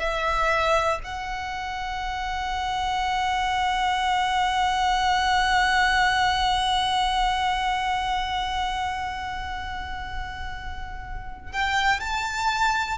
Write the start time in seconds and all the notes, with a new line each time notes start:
0.00 E5
1.04 F#5
11.53 G5
12.00 A5